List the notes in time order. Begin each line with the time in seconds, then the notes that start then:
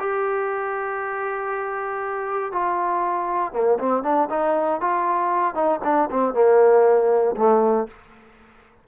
0.00 G4
2.53 F4
3.53 A#3
3.80 C4
4.04 D4
4.30 D#4
4.81 F4
5.55 D#4
5.84 D4
6.11 C4
6.34 A#3
7.37 A3